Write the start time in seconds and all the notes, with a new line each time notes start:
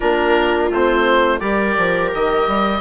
0.00 A#3 D4 F4 A#4
0.69 A3 C4 C5
1.39 G3 G4 A#4 D5
1.77 F3
2.14 D#3 D#5
2.47 G3